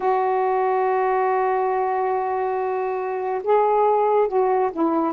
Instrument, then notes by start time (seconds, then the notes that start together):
saxophone
0.00 F#4
3.43 G#4
4.28 F#4
4.72 E4